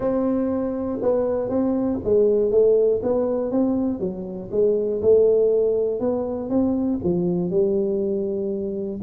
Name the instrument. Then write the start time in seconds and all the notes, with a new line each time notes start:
tuba
0.00 C4
1.02 B3
1.49 C4
2.03 G#3
2.51 A3
3.02 B3
3.51 C4
3.99 F#3
4.51 G#3
5.02 A3
6.00 B3
6.49 C4
7.03 F3
7.50 G3